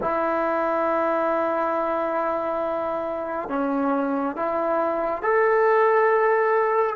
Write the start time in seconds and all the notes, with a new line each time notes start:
0.01 E4
3.49 C#4
4.36 E4
5.22 A4